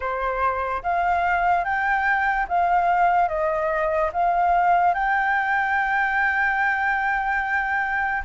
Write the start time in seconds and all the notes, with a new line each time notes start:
0.00 C5
0.82 F5
1.64 G5
2.48 F5
3.28 D#5
4.12 F5
4.94 G5